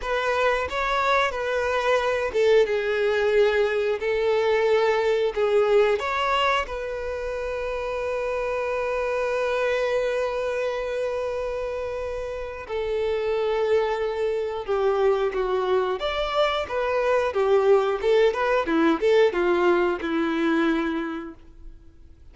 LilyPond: \new Staff \with { instrumentName = "violin" } { \time 4/4 \tempo 4 = 90 b'4 cis''4 b'4. a'8 | gis'2 a'2 | gis'4 cis''4 b'2~ | b'1~ |
b'2. a'4~ | a'2 g'4 fis'4 | d''4 b'4 g'4 a'8 b'8 | e'8 a'8 f'4 e'2 | }